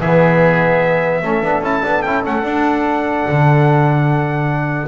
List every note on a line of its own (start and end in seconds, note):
0.00 1.22 E3
0.00 1.23 B3
0.00 1.23 G#4
0.00 1.64 E5
1.22 1.42 A3
1.22 1.44 C#4
1.22 4.87 A4
1.43 1.61 B3
1.43 1.64 D4
1.61 1.81 C#4
1.61 1.83 E4
1.61 2.02 A5
1.83 2.05 B3
1.83 2.03 D4
2.02 2.25 C#4
2.02 2.23 E4
2.02 2.22 G5
2.23 2.44 A3
2.23 2.43 C#4
2.23 4.87 F#5
2.43 4.87 D4
2.43 3.26 D4
3.28 4.87 D3